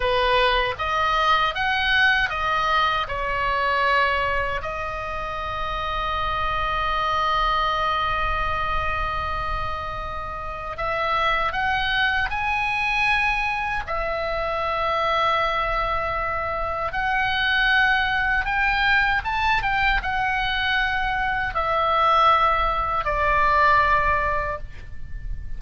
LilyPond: \new Staff \with { instrumentName = "oboe" } { \time 4/4 \tempo 4 = 78 b'4 dis''4 fis''4 dis''4 | cis''2 dis''2~ | dis''1~ | dis''2 e''4 fis''4 |
gis''2 e''2~ | e''2 fis''2 | g''4 a''8 g''8 fis''2 | e''2 d''2 | }